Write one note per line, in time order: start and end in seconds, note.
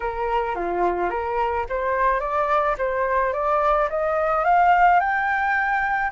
0.00 0.55 A#4
0.55 1.10 F4
1.10 1.65 A#4
1.69 2.20 C5
2.20 2.75 D5
2.78 3.33 C5
3.33 3.88 D5
3.89 4.44 D#5
4.44 5.00 F5
5.00 6.11 G5